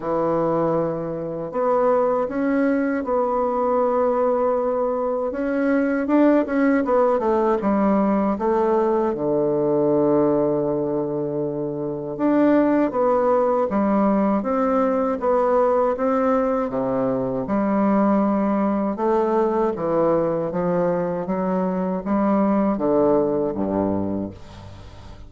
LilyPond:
\new Staff \with { instrumentName = "bassoon" } { \time 4/4 \tempo 4 = 79 e2 b4 cis'4 | b2. cis'4 | d'8 cis'8 b8 a8 g4 a4 | d1 |
d'4 b4 g4 c'4 | b4 c'4 c4 g4~ | g4 a4 e4 f4 | fis4 g4 d4 g,4 | }